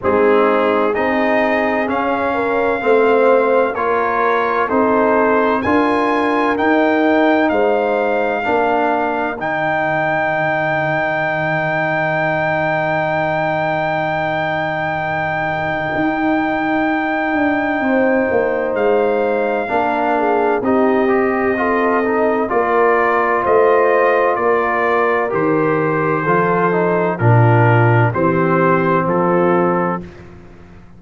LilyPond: <<
  \new Staff \with { instrumentName = "trumpet" } { \time 4/4 \tempo 4 = 64 gis'4 dis''4 f''2 | cis''4 c''4 gis''4 g''4 | f''2 g''2~ | g''1~ |
g''1 | f''2 dis''2 | d''4 dis''4 d''4 c''4~ | c''4 ais'4 c''4 a'4 | }
  \new Staff \with { instrumentName = "horn" } { \time 4/4 dis'4 gis'4. ais'8 c''4 | ais'4 a'4 ais'2 | c''4 ais'2.~ | ais'1~ |
ais'2. c''4~ | c''4 ais'8 gis'8 g'4 a'4 | ais'4 c''4 ais'2 | a'4 f'4 g'4 f'4 | }
  \new Staff \with { instrumentName = "trombone" } { \time 4/4 c'4 dis'4 cis'4 c'4 | f'4 dis'4 f'4 dis'4~ | dis'4 d'4 dis'2~ | dis'1~ |
dis'1~ | dis'4 d'4 dis'8 g'8 f'8 dis'8 | f'2. g'4 | f'8 dis'8 d'4 c'2 | }
  \new Staff \with { instrumentName = "tuba" } { \time 4/4 gis4 c'4 cis'4 a4 | ais4 c'4 d'4 dis'4 | gis4 ais4 dis2~ | dis1~ |
dis4 dis'4. d'8 c'8 ais8 | gis4 ais4 c'2 | ais4 a4 ais4 dis4 | f4 ais,4 e4 f4 | }
>>